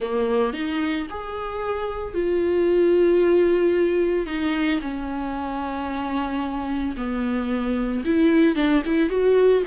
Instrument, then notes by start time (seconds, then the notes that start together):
viola
0.00 A#3
0.53 D#4
1.10 G#4
2.14 F4
4.26 D#4
4.81 C#4
6.96 B3
8.05 E4
8.55 D4
8.85 E4
9.09 F#4